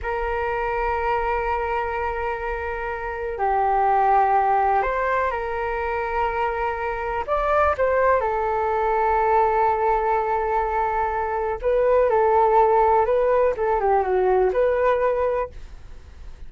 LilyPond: \new Staff \with { instrumentName = "flute" } { \time 4/4 \tempo 4 = 124 ais'1~ | ais'2. g'4~ | g'2 c''4 ais'4~ | ais'2. d''4 |
c''4 a'2.~ | a'1 | b'4 a'2 b'4 | a'8 g'8 fis'4 b'2 | }